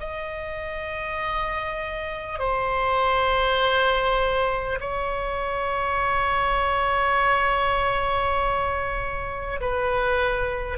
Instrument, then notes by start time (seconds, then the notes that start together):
oboe
0.00 D#5
2.39 C5
4.81 C#5
9.61 B4